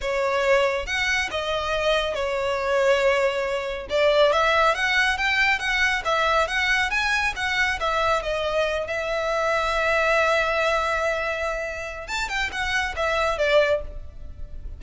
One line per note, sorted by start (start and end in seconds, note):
0.01 0.86 C#5
0.86 1.29 F#5
1.30 2.14 D#5
2.14 3.87 C#5
3.89 4.32 D5
4.32 4.74 E5
4.74 5.17 F#5
5.17 5.59 G5
5.59 6.02 F#5
6.05 6.47 E5
6.47 6.90 F#5
6.90 7.33 G#5
7.36 7.79 F#5
7.80 8.22 E5
8.22 8.87 D#5
8.87 12.07 E5
12.07 12.28 A5
12.28 12.50 G5
12.51 12.95 F#5
12.95 13.38 E5
13.38 13.81 D5